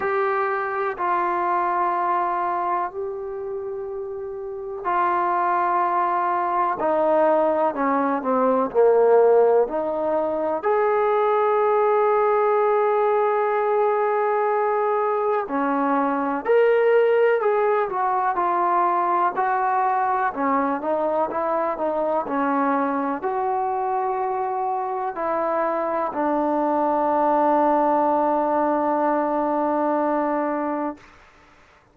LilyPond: \new Staff \with { instrumentName = "trombone" } { \time 4/4 \tempo 4 = 62 g'4 f'2 g'4~ | g'4 f'2 dis'4 | cis'8 c'8 ais4 dis'4 gis'4~ | gis'1 |
cis'4 ais'4 gis'8 fis'8 f'4 | fis'4 cis'8 dis'8 e'8 dis'8 cis'4 | fis'2 e'4 d'4~ | d'1 | }